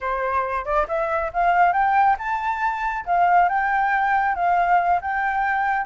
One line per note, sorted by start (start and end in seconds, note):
0.00 0.64 C5
0.64 0.86 D5
0.88 1.31 E5
1.33 1.73 F5
1.73 2.16 G5
2.18 3.05 A5
3.05 3.48 F5
3.48 4.35 G5
4.35 5.00 F5
5.01 5.85 G5